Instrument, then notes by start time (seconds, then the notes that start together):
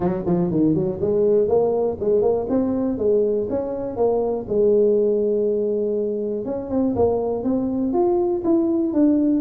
tuba
0.00 F#3
0.26 F3
0.50 D#3
0.74 F#3
1.00 G#3
1.47 A#3
2.00 G#3
2.21 A#3
2.49 C4
2.98 G#3
3.49 C#4
3.96 A#3
4.48 G#3
6.45 C#4
6.70 C4
6.95 A#3
7.43 C4
7.93 F4
8.44 E4
8.93 D4